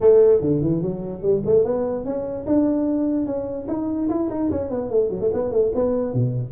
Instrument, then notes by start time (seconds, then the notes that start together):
tuba
0.00 A3
0.40 D3
0.61 E3
0.81 F#3
1.22 G3
1.45 A3
1.64 B3
2.04 C#4
2.46 D4
3.26 C#4
3.68 D#4
4.09 E4
4.29 D#4
4.50 C#4
4.69 B3
4.90 A3
5.10 F#3
5.20 A3
5.33 B3
5.51 A3
5.74 B3
6.13 B2